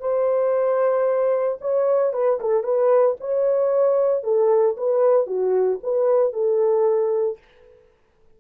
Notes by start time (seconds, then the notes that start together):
0.00 C5
1.61 C#5
2.13 B4
2.40 A4
2.63 B4
3.20 C#5
4.23 A4
4.77 B4
5.26 F#4
5.83 B4
6.33 A4